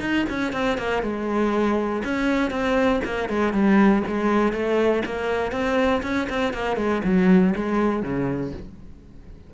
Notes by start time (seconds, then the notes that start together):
0.00 D#4
0.29 C#4
0.52 C4
0.77 A#3
1.02 G#3
2.04 C#4
2.50 C4
3.04 A#3
3.29 G#3
3.53 G3
4.07 G#3
4.52 A3
5.05 A#3
5.51 C4
6.02 C#4
6.29 C4
6.53 A#3
6.76 G#3
7.04 F#3
7.55 G#3
8.02 C#3